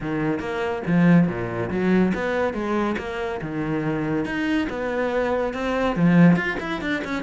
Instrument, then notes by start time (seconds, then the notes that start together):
cello
0.00 D#3
0.39 A#3
0.86 F3
1.27 A#2
1.70 F#3
2.14 B3
2.53 G#3
2.98 A#3
3.41 D#3
4.25 D#4
4.69 B3
5.53 C4
5.96 F3
6.36 F4
6.60 E4
6.81 D4
7.04 C#4